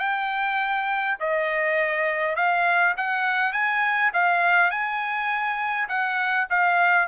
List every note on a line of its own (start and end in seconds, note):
0.00 1.18 G5
1.20 2.36 D#5
2.36 2.95 F5
2.97 3.53 F#5
3.53 4.12 G#5
4.14 4.71 F5
4.71 5.89 G#5
5.89 6.48 F#5
6.50 7.08 F5